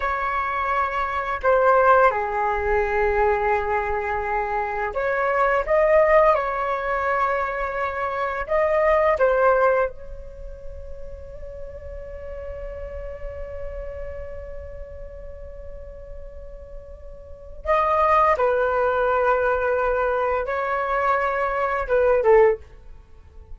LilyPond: \new Staff \with { instrumentName = "flute" } { \time 4/4 \tempo 4 = 85 cis''2 c''4 gis'4~ | gis'2. cis''4 | dis''4 cis''2. | dis''4 c''4 cis''2~ |
cis''1~ | cis''1~ | cis''4 dis''4 b'2~ | b'4 cis''2 b'8 a'8 | }